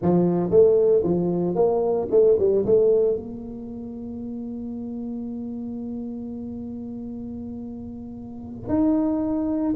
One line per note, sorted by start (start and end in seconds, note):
0.01 0.50 F3
0.50 1.03 A3
1.03 1.55 F3
1.55 2.07 A#3
2.11 2.37 A3
2.39 2.65 G3
2.65 3.16 A3
3.16 8.68 A#3
8.68 9.74 D#4